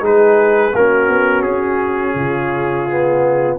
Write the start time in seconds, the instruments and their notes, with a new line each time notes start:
0.00 tuba G#3, trombone D#4, horn G#4, trumpet B4
0.75 tuba A#3, trombone C#4, horn F#4, trumpet A#4
1.09 tuba B3
1.42 tuba C#4, trumpet G#4
2.15 tuba C#3, horn F4
2.90 trombone B3